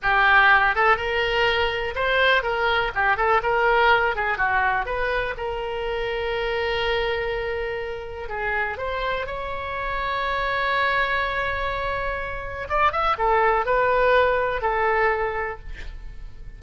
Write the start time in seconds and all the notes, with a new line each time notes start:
0.02 G4
0.75 A4
0.96 A#4
1.95 C5
2.42 A#4
2.94 G4
3.16 A4
3.43 A#4
4.15 G#4
4.37 F#4
4.85 B4
5.37 A#4
8.29 G#4
8.77 C5
9.26 C#5
12.69 D5
12.92 E5
13.18 A4
13.65 B4
14.61 A4